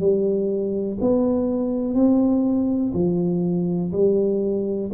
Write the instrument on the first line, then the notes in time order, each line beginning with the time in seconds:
tuba
0.00 G3
1.01 B3
1.94 C4
2.94 F3
3.93 G3